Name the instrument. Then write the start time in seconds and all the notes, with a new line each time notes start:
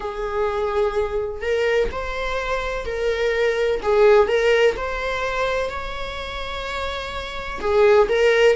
viola
0.00 G#4
1.41 A#4
1.91 C5
2.85 A#4
3.82 G#4
4.28 A#4
4.76 C5
5.69 C#5
7.60 G#4
8.08 A#4